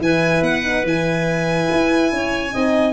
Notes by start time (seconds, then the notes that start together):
0.00 E3 E4 B4 G#5
0.42 B3 F#5
0.63 D#4
0.84 E3 E4 G#5
1.71 E4
2.12 C#4 C#5
2.52 C4 D#4 D#5